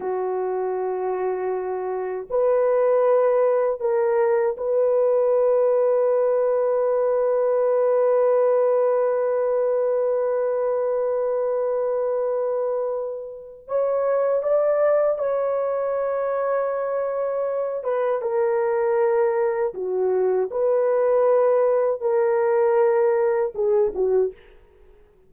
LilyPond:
\new Staff \with { instrumentName = "horn" } { \time 4/4 \tempo 4 = 79 fis'2. b'4~ | b'4 ais'4 b'2~ | b'1~ | b'1~ |
b'2 cis''4 d''4 | cis''2.~ cis''8 b'8 | ais'2 fis'4 b'4~ | b'4 ais'2 gis'8 fis'8 | }